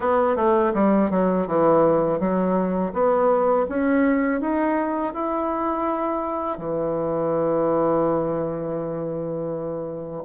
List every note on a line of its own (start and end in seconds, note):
0.00 0.36 B3
0.36 0.72 A3
0.74 1.10 G3
1.10 1.47 F#3
1.47 2.19 E3
2.19 2.92 F#3
2.93 3.66 B3
3.69 4.40 C#4
4.40 5.13 D#4
5.13 6.58 E4
6.58 10.23 E3